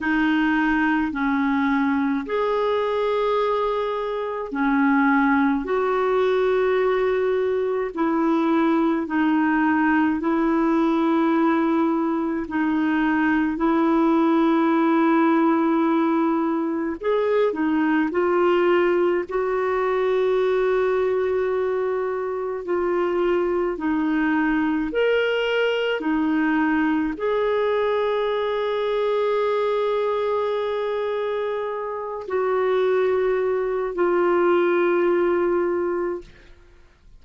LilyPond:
\new Staff \with { instrumentName = "clarinet" } { \time 4/4 \tempo 4 = 53 dis'4 cis'4 gis'2 | cis'4 fis'2 e'4 | dis'4 e'2 dis'4 | e'2. gis'8 dis'8 |
f'4 fis'2. | f'4 dis'4 ais'4 dis'4 | gis'1~ | gis'8 fis'4. f'2 | }